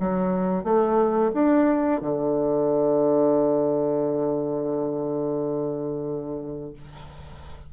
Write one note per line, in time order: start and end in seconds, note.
0.00 0.64 F#3
0.64 1.31 A3
1.34 2.01 D4
2.01 6.73 D3